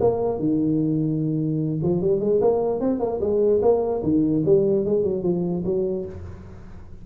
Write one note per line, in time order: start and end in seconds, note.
0.00 0.39 A#3
0.39 1.80 D#3
1.82 2.01 F3
2.01 2.20 G3
2.20 2.40 G#3
2.41 2.80 A#3
2.80 2.99 C4
2.99 3.20 A#3
3.20 3.61 G#3
3.62 4.02 A#3
4.03 4.43 D#3
4.45 4.85 G3
4.85 5.03 G#3
5.03 5.23 F#3
5.23 5.63 F3
5.65 6.05 F#3